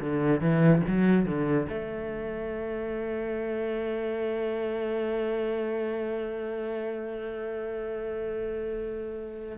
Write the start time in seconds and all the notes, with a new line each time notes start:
0.00 D3
0.41 E3
0.87 F#3
1.26 D3
1.69 A3